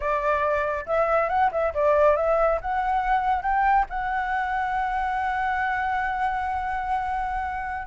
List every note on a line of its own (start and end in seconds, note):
0.00 0.85 D5
0.86 1.29 E5
1.29 1.50 F#5
1.51 1.73 E5
1.73 2.16 D5
2.16 2.59 E5
2.61 3.42 F#5
3.42 3.85 G5
3.89 7.87 F#5